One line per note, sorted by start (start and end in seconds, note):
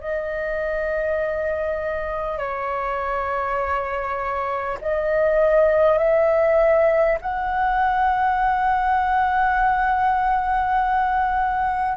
0.00 2.38 D#5
2.38 4.78 C#5
4.81 5.98 D#5
5.98 7.18 E5
7.21 11.97 F#5